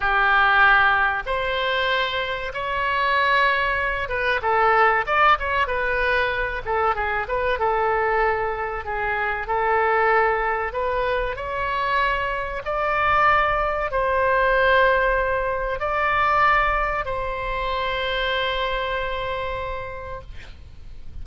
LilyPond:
\new Staff \with { instrumentName = "oboe" } { \time 4/4 \tempo 4 = 95 g'2 c''2 | cis''2~ cis''8 b'8 a'4 | d''8 cis''8 b'4. a'8 gis'8 b'8 | a'2 gis'4 a'4~ |
a'4 b'4 cis''2 | d''2 c''2~ | c''4 d''2 c''4~ | c''1 | }